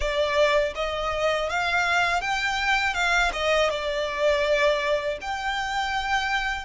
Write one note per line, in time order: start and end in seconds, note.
0.00 0.73 D5
0.75 1.49 D#5
1.49 2.21 F5
2.21 2.94 G5
2.94 3.31 F5
3.33 3.70 D#5
3.70 5.18 D5
5.21 6.65 G5